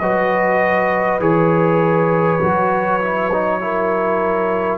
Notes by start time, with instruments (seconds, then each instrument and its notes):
0.00 tuba F#3, trombone F#4, horn B4, trumpet D#5
1.20 tuba E3, trombone G#4, trumpet C#5
2.40 tuba F#3, trombone F#4
3.01 trombone E4
3.32 trombone D#4
3.61 trombone E4, horn A#4